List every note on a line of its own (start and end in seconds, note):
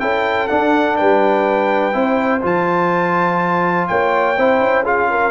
0.00 0.50 C#4
0.00 0.48 E4
0.00 0.98 A4
0.00 0.48 G5
0.48 1.93 D4
0.48 1.00 D4
0.48 0.96 F#5
0.97 1.94 G3
0.97 1.94 B4
0.97 2.42 G5
1.93 2.43 C4
1.93 2.41 E4
1.93 3.88 C5
2.42 3.89 F3
2.42 4.35 F4
2.42 3.88 A5
3.88 4.38 A#3
3.88 4.38 C#5
3.88 4.84 G5
4.38 4.60 C4
4.38 4.84 E4
4.38 4.84 C5
4.60 5.31 C#4
4.84 5.31 F4
4.84 5.08 G#4
4.84 5.31 F5
5.11 5.31 A#4